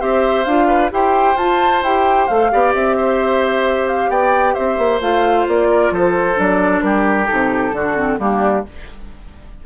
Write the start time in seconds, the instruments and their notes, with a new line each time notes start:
0.00 bassoon C4, clarinet G4, oboe C5, flute E5
0.45 bassoon D4, clarinet F4, flute F5
0.68 oboe B4
0.91 bassoon E4, clarinet G4, oboe C5, flute G5
1.36 bassoon F4, clarinet F4, flute A5
1.83 bassoon E4, clarinet G4, flute G5
2.28 bassoon A3, clarinet A4, flute F5
2.52 bassoon B3, clarinet G4, oboe D5
2.74 bassoon C4, flute E5
2.97 oboe C5
3.88 flute F5
4.10 bassoon B3, oboe D5, flute G5
4.54 bassoon C4, oboe C5, flute E5
4.78 bassoon A#3
5.01 bassoon A3, clarinet F4, flute F5
5.48 bassoon A#3, flute D5
5.71 oboe A#4
5.91 bassoon F3, oboe A4, flute C5
6.35 bassoon F#3, clarinet D4, flute D5
6.82 bassoon G3, oboe G4, flute A#4
7.27 bassoon C3, clarinet D#4, flute A4
7.73 bassoon D3, clarinet D4, oboe F#4
7.97 clarinet C4
8.19 bassoon G3, clarinet A#3, oboe D4, flute G4